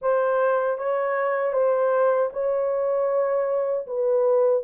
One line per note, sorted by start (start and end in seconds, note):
0.01 0.78 C5
0.78 1.52 C#5
1.52 2.29 C5
2.32 3.86 C#5
3.86 4.63 B4